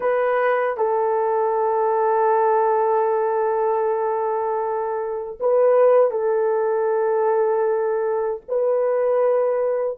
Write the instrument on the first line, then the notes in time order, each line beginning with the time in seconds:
horn
0.00 B4
0.77 A4
5.40 B4
6.10 A4
8.48 B4